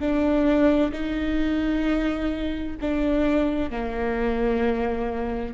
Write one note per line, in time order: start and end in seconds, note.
0.00 0.92 D4
0.93 2.77 D#4
2.81 3.71 D4
3.71 5.54 A#3